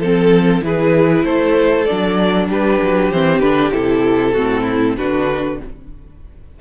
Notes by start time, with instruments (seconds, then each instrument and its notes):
0.00 cello F3, viola C4, violin A4
0.62 cello E3, viola E4, violin G#4 B4
1.25 cello A3, violin A4 C5
1.86 cello F#3, viola D4, violin D5
2.49 cello G3, violin G4 B4
2.83 cello F#3
3.12 cello E3, viola C4, violin C5
3.40 cello D3, viola D4, violin B4
3.72 cello C3, viola E4, violin A4
4.33 cello A2, viola C4, violin F#4
4.63 violin E4
4.98 cello D3, viola D4, violin F#4 B4